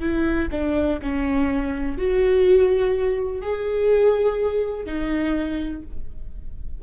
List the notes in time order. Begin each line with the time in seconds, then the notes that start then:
0.00 E4
0.51 D4
1.02 C#4
1.98 F#4
3.42 G#4
4.85 D#4